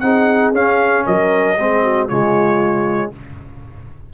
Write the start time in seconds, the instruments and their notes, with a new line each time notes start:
0.00 tuba C4, trombone D#4, horn G#4, trumpet F#5
0.52 tuba C#4, trombone C#4, trumpet F5
1.06 tuba F#3, horn A#4, trumpet D#5
1.59 tuba G#3, trombone C4, horn G#4
1.83 horn F#4
2.08 tuba C#3, trombone G#3, horn F4, trumpet C#5